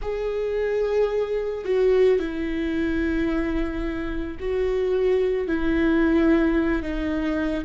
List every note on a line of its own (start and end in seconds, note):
0.01 1.64 G#4
1.64 2.19 F#4
2.19 4.37 E4
4.39 5.47 F#4
5.47 6.82 E4
6.82 7.64 D#4